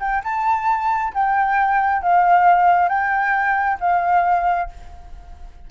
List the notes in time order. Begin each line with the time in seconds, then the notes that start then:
0.00 G5
0.24 A5
1.14 G5
2.03 F5
2.89 G5
3.80 F5